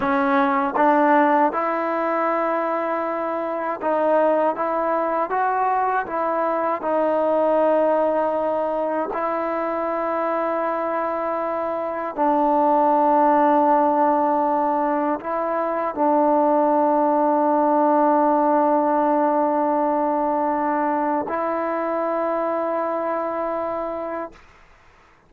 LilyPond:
\new Staff \with { instrumentName = "trombone" } { \time 4/4 \tempo 4 = 79 cis'4 d'4 e'2~ | e'4 dis'4 e'4 fis'4 | e'4 dis'2. | e'1 |
d'1 | e'4 d'2.~ | d'1 | e'1 | }